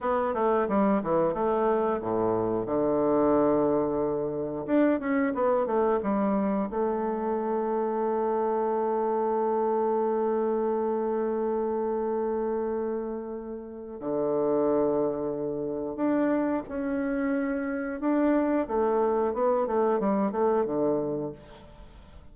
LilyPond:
\new Staff \with { instrumentName = "bassoon" } { \time 4/4 \tempo 4 = 90 b8 a8 g8 e8 a4 a,4 | d2. d'8 cis'8 | b8 a8 g4 a2~ | a1~ |
a1~ | a4 d2. | d'4 cis'2 d'4 | a4 b8 a8 g8 a8 d4 | }